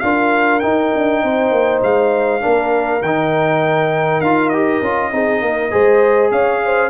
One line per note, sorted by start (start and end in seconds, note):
0.00 0.63 D4
0.00 0.62 F4
0.00 1.24 A#4
0.00 0.60 F5
0.60 2.41 D#4
0.60 0.93 D#4
0.60 1.80 G5
0.96 1.23 D4
1.23 1.52 C4
1.23 2.42 C5
1.52 1.81 A#3
1.83 2.43 G#3
1.83 3.03 F5
2.41 3.02 A#3
2.41 3.01 D4
2.41 5.12 A#4
3.02 4.21 D#3
3.02 4.24 D#4
3.02 4.21 G5
4.21 4.81 D#4
4.21 4.53 F4
4.21 4.49 F5
4.49 4.83 G4
4.49 6.29 D#5
4.82 5.12 C#4
4.82 5.12 F4
5.12 5.42 C4
5.12 5.71 D#4
5.12 5.43 G#4
5.42 5.72 A#3
5.42 5.72 A#4
5.71 6.31 G#3
5.71 6.90 G#4
5.71 6.32 C5
6.31 6.90 C#4
6.31 6.62 C#5
6.31 6.90 F5
6.65 6.90 C5